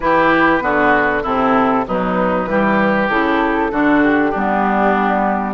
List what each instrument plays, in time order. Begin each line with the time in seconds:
0.00 bassoon E3, clarinet E4, oboe G4, flute B4
0.61 bassoon D3, clarinet B3, oboe F#4
1.22 bassoon C3, clarinet C4, oboe E4, flute A4
1.87 bassoon B2, clarinet F#3, oboe D#4, flute B4
2.45 bassoon E3, clarinet G3, oboe G4
3.08 bassoon C#3, clarinet E4, flute A4
3.71 bassoon D3, clarinet D4, oboe F#4
4.03 flute G4
4.30 bassoon G3, clarinet B3, oboe D4